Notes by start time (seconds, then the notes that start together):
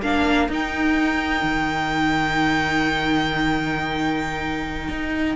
0.00 A#3 D4 A#4 F5
0.48 D#4 G5
1.42 D#3
4.88 D#4